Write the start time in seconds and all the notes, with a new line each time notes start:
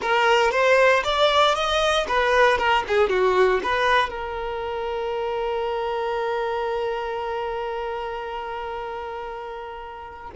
0.01 A#4
0.51 C5
1.03 D5
1.54 D#5
2.07 B4
2.57 A#4
2.87 G#4
3.09 F#4
3.63 B4
4.09 A#4